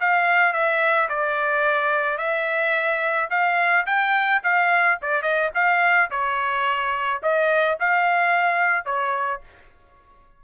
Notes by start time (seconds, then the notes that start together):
0.00 F5
0.53 E5
1.09 D5
2.18 E5
3.30 F5
3.86 G5
4.43 F5
5.02 D5
5.22 D#5
5.55 F5
6.10 C#5
7.23 D#5
7.80 F5
8.85 C#5